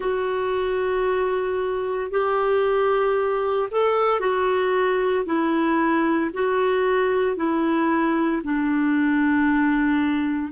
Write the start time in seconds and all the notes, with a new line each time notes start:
0.00 F#4
2.11 G4
3.71 A4
4.20 F#4
5.25 E4
6.33 F#4
7.36 E4
8.43 D4